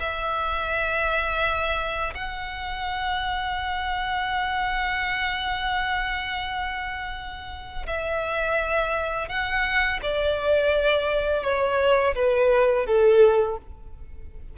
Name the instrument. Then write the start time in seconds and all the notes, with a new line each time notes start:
violin
0.00 E5
2.15 F#5
7.87 E5
9.29 F#5
10.03 D5
11.44 C#5
12.15 B4
12.86 A4